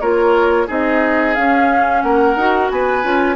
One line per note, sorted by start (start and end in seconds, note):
0.00 0.67 A#3
0.00 0.67 F4
0.00 0.67 A#4
0.00 0.68 C#5
0.67 1.37 C4
0.67 1.35 D#4
0.67 2.02 G#4
0.67 1.34 D#5
1.34 2.38 C#4
1.34 2.03 C#4
1.34 2.02 F5
2.02 2.36 A#3
2.02 2.72 A#4
2.02 2.69 F#5
2.36 2.70 D#4
2.36 3.03 F#4
2.70 3.04 B3
2.70 3.36 B4
2.70 3.36 G#5
3.03 3.36 C#4
3.03 3.36 F4